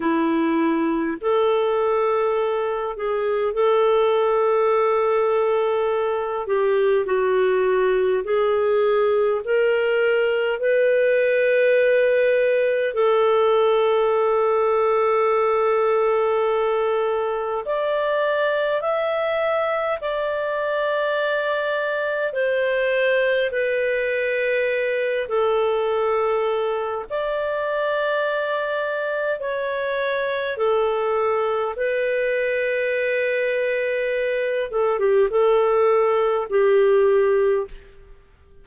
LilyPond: \new Staff \with { instrumentName = "clarinet" } { \time 4/4 \tempo 4 = 51 e'4 a'4. gis'8 a'4~ | a'4. g'8 fis'4 gis'4 | ais'4 b'2 a'4~ | a'2. d''4 |
e''4 d''2 c''4 | b'4. a'4. d''4~ | d''4 cis''4 a'4 b'4~ | b'4. a'16 g'16 a'4 g'4 | }